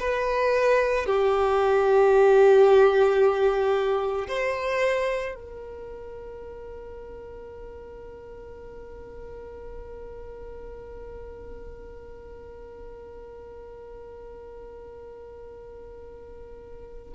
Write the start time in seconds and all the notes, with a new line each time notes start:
0.00 B4
1.07 G4
4.28 C5
5.35 A#4